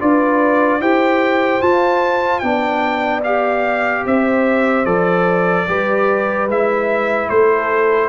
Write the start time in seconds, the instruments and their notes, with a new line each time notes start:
0.00 tuba D4, trombone F4, horn B4, trumpet D5
0.80 tuba E4, trombone G4, horn C5, trumpet G5
1.62 trombone F4, tuba F4, trumpet A5
2.40 tuba B3, trombone D4, horn D5, trumpet G5
3.24 trombone G4, trumpet F5
4.06 tuba C4, horn C5, trumpet E5
4.86 tuba F3, trombone A4, trumpet D5
5.68 tuba G3, trombone G4, horn B4
6.48 tuba G#3, trombone E4, trumpet E5
7.29 tuba A3, horn A4, trumpet C5